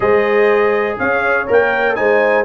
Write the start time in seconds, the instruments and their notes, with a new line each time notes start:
0.00 tuba G#3, trombone G#4, horn C5, trumpet D#5
0.99 tuba C#4, horn C#5, trumpet F5
1.47 tuba A#3, trombone A#4, trumpet G5
1.95 tuba G#3, trombone D#4, horn C5, trumpet G#5